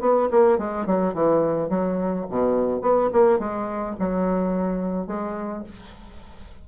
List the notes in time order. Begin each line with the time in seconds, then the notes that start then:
0.00 B3
0.31 A#3
0.58 G#3
0.86 F#3
1.13 E3
1.69 F#3
2.30 B2
2.81 B3
3.12 A#3
3.39 G#3
3.99 F#3
5.07 G#3